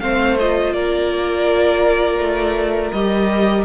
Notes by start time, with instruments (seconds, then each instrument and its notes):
0.00 cello A3, viola C4, violin C5 F5
0.39 viola F4, violin D#5
0.73 cello A#3, violin A#4 D5
2.18 cello A3
2.92 cello G3, viola G4, violin D#5